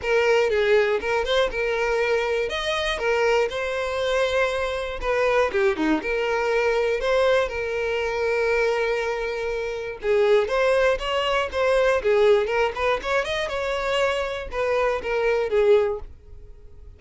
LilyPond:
\new Staff \with { instrumentName = "violin" } { \time 4/4 \tempo 4 = 120 ais'4 gis'4 ais'8 c''8 ais'4~ | ais'4 dis''4 ais'4 c''4~ | c''2 b'4 g'8 dis'8 | ais'2 c''4 ais'4~ |
ais'1 | gis'4 c''4 cis''4 c''4 | gis'4 ais'8 b'8 cis''8 dis''8 cis''4~ | cis''4 b'4 ais'4 gis'4 | }